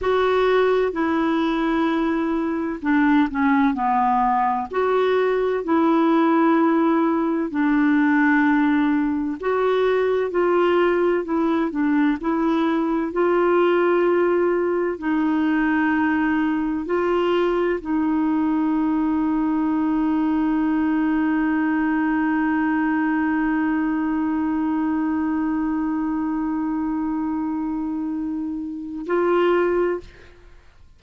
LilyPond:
\new Staff \with { instrumentName = "clarinet" } { \time 4/4 \tempo 4 = 64 fis'4 e'2 d'8 cis'8 | b4 fis'4 e'2 | d'2 fis'4 f'4 | e'8 d'8 e'4 f'2 |
dis'2 f'4 dis'4~ | dis'1~ | dis'1~ | dis'2. f'4 | }